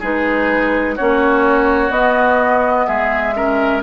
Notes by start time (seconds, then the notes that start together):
0.00 G#3 D#4 G#4 B4
0.96 A#3 C#4 F#4 C#5
1.90 B3 D#5
2.87 G#3 G#4 E5
3.35 C#4 A#4